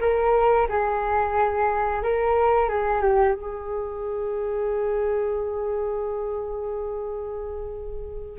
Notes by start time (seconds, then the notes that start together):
0.00 A#4
0.69 G#4
2.02 A#4
2.68 G#4
3.01 G4
3.34 G#4